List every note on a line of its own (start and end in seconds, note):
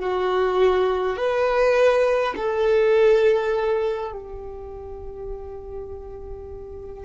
0.00 1.17 F#4
1.17 2.35 B4
2.37 4.12 A4
4.12 7.05 G4